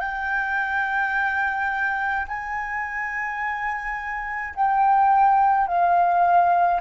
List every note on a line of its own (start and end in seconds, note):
0.00 2.26 G5
2.28 4.54 G#5
4.55 5.68 G5
5.68 6.81 F5